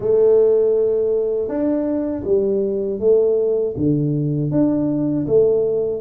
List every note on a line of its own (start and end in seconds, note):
0.00 1.48 A3
1.48 2.23 D4
2.24 2.99 G3
2.99 3.74 A3
3.76 4.51 D3
4.51 5.26 D4
5.27 6.01 A3